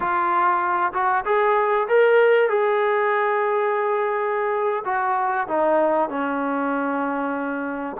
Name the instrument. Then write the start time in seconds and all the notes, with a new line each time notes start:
trombone
0.00 F4
0.93 F#4
1.25 G#4
1.88 A#4
2.49 G#4
4.84 F#4
5.47 D#4
6.09 C#4